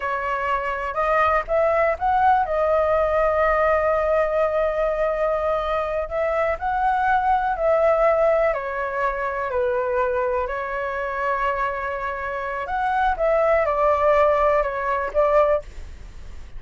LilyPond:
\new Staff \with { instrumentName = "flute" } { \time 4/4 \tempo 4 = 123 cis''2 dis''4 e''4 | fis''4 dis''2.~ | dis''1~ | dis''8 e''4 fis''2 e''8~ |
e''4. cis''2 b'8~ | b'4. cis''2~ cis''8~ | cis''2 fis''4 e''4 | d''2 cis''4 d''4 | }